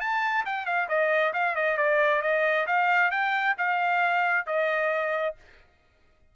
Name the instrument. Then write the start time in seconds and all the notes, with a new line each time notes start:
trumpet
0.00 A5
0.45 G5
0.66 F5
0.88 D#5
1.33 F5
1.56 D#5
1.77 D5
2.22 D#5
2.67 F5
3.11 G5
3.58 F5
4.46 D#5